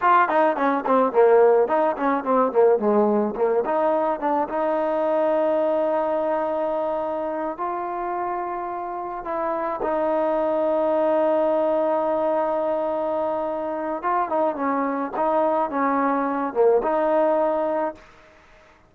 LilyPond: \new Staff \with { instrumentName = "trombone" } { \time 4/4 \tempo 4 = 107 f'8 dis'8 cis'8 c'8 ais4 dis'8 cis'8 | c'8 ais8 gis4 ais8 dis'4 d'8 | dis'1~ | dis'4. f'2~ f'8~ |
f'8 e'4 dis'2~ dis'8~ | dis'1~ | dis'4 f'8 dis'8 cis'4 dis'4 | cis'4. ais8 dis'2 | }